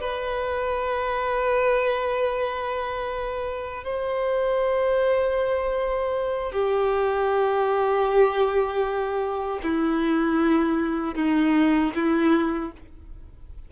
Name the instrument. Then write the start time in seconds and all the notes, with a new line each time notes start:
violin
0.00 B4
3.84 C5
6.52 G4
9.63 E4
11.15 D#4
11.95 E4